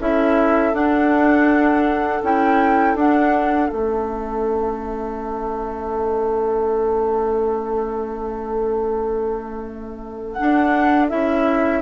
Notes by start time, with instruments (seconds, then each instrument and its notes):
0.00 bassoon C#4, clarinet E4, oboe A4, flute E5
0.73 clarinet D4, bassoon D4, flute F#5
2.22 bassoon C#4, clarinet E4, flute G5
2.95 bassoon D4, clarinet D4, flute F#5
3.69 bassoon A3, clarinet C#4, flute E5
10.32 flute F#5
10.38 clarinet D4, bassoon D4
11.09 bassoon C#4, clarinet E4, flute E5